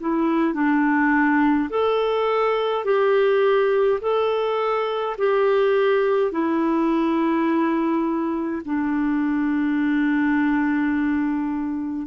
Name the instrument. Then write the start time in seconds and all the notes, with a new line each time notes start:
clarinet
0.00 E4
0.53 D4
1.69 A4
2.84 G4
4.01 A4
5.18 G4
6.31 E4
8.65 D4